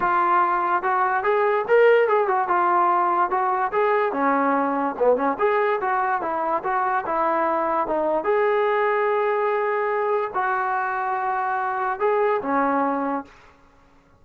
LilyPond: \new Staff \with { instrumentName = "trombone" } { \time 4/4 \tempo 4 = 145 f'2 fis'4 gis'4 | ais'4 gis'8 fis'8 f'2 | fis'4 gis'4 cis'2 | b8 cis'8 gis'4 fis'4 e'4 |
fis'4 e'2 dis'4 | gis'1~ | gis'4 fis'2.~ | fis'4 gis'4 cis'2 | }